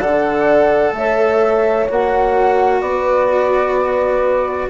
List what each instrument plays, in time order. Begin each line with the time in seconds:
0.00 bassoon D3, cello A4, horn D5, flute F#5
0.93 bassoon A3, horn C#5, flute E5
1.89 bassoon A#3, cello F#4, flute F#5
2.81 bassoon B3, horn B4, flute D5